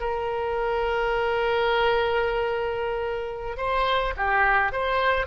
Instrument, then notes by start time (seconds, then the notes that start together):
oboe
0.00 A#4
3.57 C5
4.17 G4
4.72 C5